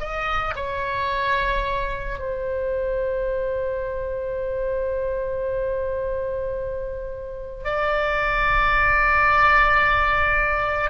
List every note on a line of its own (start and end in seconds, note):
0.00 0.55 D#5
0.56 2.19 C#5
2.19 7.65 C5
7.65 10.90 D5